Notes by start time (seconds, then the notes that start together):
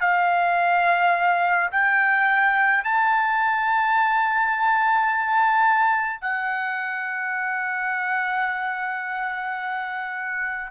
0.00 F5
1.71 G5
2.84 A5
6.20 F#5